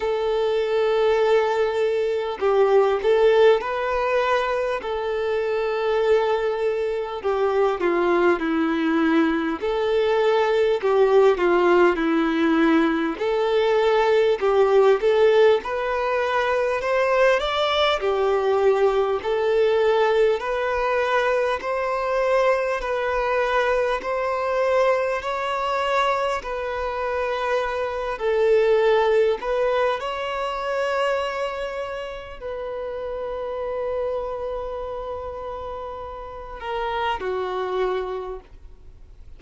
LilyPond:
\new Staff \with { instrumentName = "violin" } { \time 4/4 \tempo 4 = 50 a'2 g'8 a'8 b'4 | a'2 g'8 f'8 e'4 | a'4 g'8 f'8 e'4 a'4 | g'8 a'8 b'4 c''8 d''8 g'4 |
a'4 b'4 c''4 b'4 | c''4 cis''4 b'4. a'8~ | a'8 b'8 cis''2 b'4~ | b'2~ b'8 ais'8 fis'4 | }